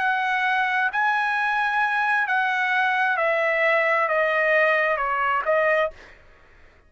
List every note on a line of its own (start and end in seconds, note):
0.00 0.91 F#5
0.93 2.28 G#5
2.28 3.18 F#5
3.18 4.09 E5
4.09 4.98 D#5
4.98 5.43 C#5
5.45 5.91 D#5